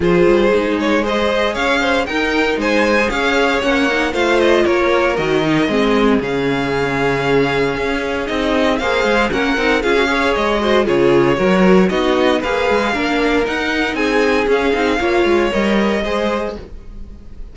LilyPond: <<
  \new Staff \with { instrumentName = "violin" } { \time 4/4 \tempo 4 = 116 c''4. cis''8 dis''4 f''4 | g''4 gis''4 f''4 fis''4 | f''8 dis''8 cis''4 dis''2 | f''1 |
dis''4 f''4 fis''4 f''4 | dis''4 cis''2 dis''4 | f''2 fis''4 gis''4 | f''2 dis''2 | }
  \new Staff \with { instrumentName = "violin" } { \time 4/4 gis'2 c''4 cis''8 c''8 | ais'4 c''4 cis''2 | c''4 ais'2 gis'4~ | gis'1~ |
gis'4 c''4 ais'4 gis'8 cis''8~ | cis''8 c''8 gis'4 ais'4 fis'4 | b'4 ais'2 gis'4~ | gis'4 cis''2 c''4 | }
  \new Staff \with { instrumentName = "viola" } { \time 4/4 f'4 dis'4 gis'2 | dis'4.~ dis'16 gis'4~ gis'16 cis'8 dis'8 | f'2 fis'8 dis'8 c'4 | cis'1 |
dis'4 gis'4 cis'8 dis'8 f'16 fis'16 gis'8~ | gis'8 fis'8 f'4 fis'4 dis'4 | gis'4 d'4 dis'2 | cis'8 dis'8 f'4 ais'4 gis'4 | }
  \new Staff \with { instrumentName = "cello" } { \time 4/4 f8 g8 gis2 cis'4 | dis'4 gis4 cis'4 ais4 | a4 ais4 dis4 gis4 | cis2. cis'4 |
c'4 ais8 gis8 ais8 c'8 cis'4 | gis4 cis4 fis4 b4 | ais8 gis8 ais4 dis'4 c'4 | cis'8 c'8 ais8 gis8 g4 gis4 | }
>>